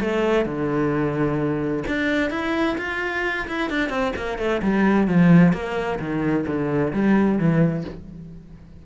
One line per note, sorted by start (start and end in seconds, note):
0.00 0.45 A3
0.45 1.84 D3
1.87 2.30 D4
2.30 2.76 E4
2.78 3.47 F4
3.47 3.69 E4
3.69 3.89 D4
3.89 4.12 C4
4.16 4.38 A#3
4.38 4.61 A3
4.62 5.07 G3
5.07 5.53 F3
5.53 5.99 A#3
5.99 6.45 D#3
6.46 6.92 D3
6.93 7.38 G3
7.38 7.84 E3